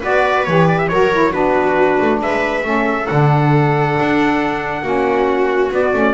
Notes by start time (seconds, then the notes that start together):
0.00 B3 F#4 B4 D5
0.45 E3 G4 C#5
0.69 D5
0.79 E5
0.89 F#3 F#4 A#4 C#5
1.13 E4
1.32 B3 D4 F#4 B4
2.01 A3
2.21 G#3 B4 E5
2.63 A3 C#4 A4
3.07 D3 D4 F#5
4.00 D4
4.82 A#3 C#4 F#4
5.71 B3 D5
5.94 A3 C#4